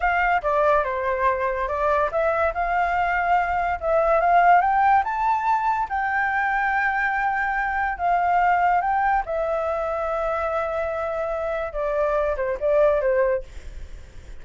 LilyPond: \new Staff \with { instrumentName = "flute" } { \time 4/4 \tempo 4 = 143 f''4 d''4 c''2 | d''4 e''4 f''2~ | f''4 e''4 f''4 g''4 | a''2 g''2~ |
g''2. f''4~ | f''4 g''4 e''2~ | e''1 | d''4. c''8 d''4 c''4 | }